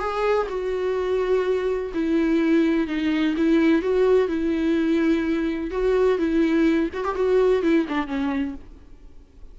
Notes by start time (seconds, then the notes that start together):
0.00 G#4
0.49 F#4
1.94 E4
2.88 D#4
3.37 E4
3.82 F#4
4.29 E4
5.71 F#4
6.19 E4
6.94 F#4
7.05 G4
7.16 F#4
7.63 E4
7.89 D4
8.08 C#4